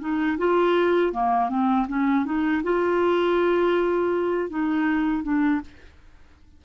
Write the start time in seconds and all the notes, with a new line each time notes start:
0.00 D#4
0.38 F4
1.13 A#3
1.49 C4
1.88 C#4
2.25 D#4
2.63 F4
4.50 D#4
5.23 D4